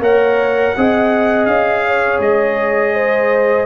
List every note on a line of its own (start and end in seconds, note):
0.00 0.73 A#3
0.00 0.76 A#4
0.00 0.75 C#5
0.00 1.46 F#5
0.77 1.47 C4
0.77 3.67 G#4
0.77 1.87 D#5
1.46 2.20 C#4
1.46 2.19 F5
1.87 2.95 C#5
2.20 3.66 G#3
2.20 3.67 D#5
2.95 3.67 C5